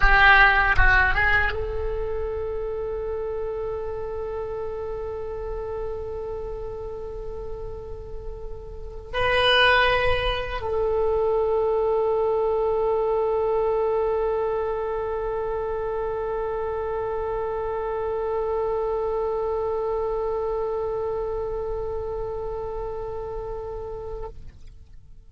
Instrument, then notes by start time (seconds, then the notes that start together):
oboe
0.00 G4
0.76 F#4
1.14 G#4
1.52 A4
9.13 B4
10.61 A4